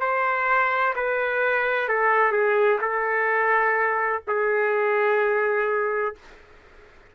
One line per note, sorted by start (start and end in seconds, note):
0.00 0.94 C5
0.95 1.88 B4
1.88 2.32 A4
2.32 2.79 G#4
2.81 4.22 A4
4.27 6.15 G#4